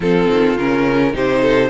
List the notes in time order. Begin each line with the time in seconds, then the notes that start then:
0.00 F3 C4 F4 A4
0.28 D#3
0.57 C#3 C#4 A#4
1.13 C3 D#4 G4 C5
1.41 A4